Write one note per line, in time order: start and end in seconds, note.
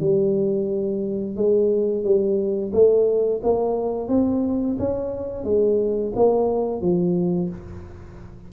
0.00 1.36 G3
1.36 2.04 G#3
2.04 2.72 G3
2.73 3.41 A3
3.43 4.08 A#3
4.08 4.76 C4
4.79 5.44 C#4
5.44 6.12 G#3
6.15 6.81 A#3
6.81 7.49 F3